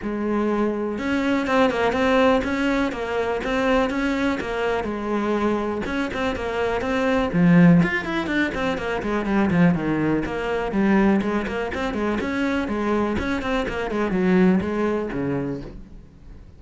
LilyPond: \new Staff \with { instrumentName = "cello" } { \time 4/4 \tempo 4 = 123 gis2 cis'4 c'8 ais8 | c'4 cis'4 ais4 c'4 | cis'4 ais4 gis2 | cis'8 c'8 ais4 c'4 f4 |
f'8 e'8 d'8 c'8 ais8 gis8 g8 f8 | dis4 ais4 g4 gis8 ais8 | c'8 gis8 cis'4 gis4 cis'8 c'8 | ais8 gis8 fis4 gis4 cis4 | }